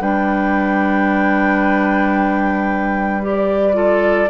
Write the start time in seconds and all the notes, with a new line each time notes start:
0.00 G3 D4 B4 G5
3.22 G4 D5
3.73 F4 A4